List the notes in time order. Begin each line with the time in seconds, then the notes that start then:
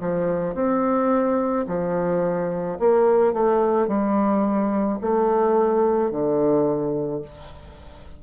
0.00 F3
0.55 C4
1.67 F3
2.79 A#3
3.33 A3
3.87 G3
5.01 A3
6.11 D3